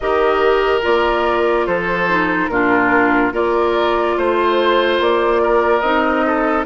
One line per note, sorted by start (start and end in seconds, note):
0.00 0.84 D#3
0.00 0.82 G4
0.00 1.66 A#4
0.00 0.81 D#5
0.82 1.67 A#3
0.82 2.07 F4
0.82 1.66 D5
1.66 2.48 F3
1.66 2.50 A4
1.66 2.47 C5
2.09 2.50 D#4
2.47 3.32 A#2
2.47 3.32 D4
2.47 3.33 F4
2.47 3.30 A#4
3.32 4.16 A#3
3.32 5.82 F4
3.32 4.16 A#4
3.32 4.18 D5
4.17 4.99 A3
4.17 5.42 C5
4.17 5.01 C5
4.99 5.81 A#3
4.99 5.80 D5
5.42 6.26 A#4
5.80 6.64 C4
5.80 6.66 D#4
5.80 6.63 D#5
6.26 6.66 A4